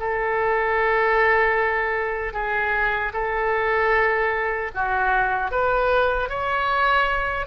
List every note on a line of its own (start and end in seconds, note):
0.00 2.34 A4
2.34 3.13 G#4
3.14 4.72 A4
4.74 5.51 F#4
5.51 6.29 B4
6.29 7.47 C#5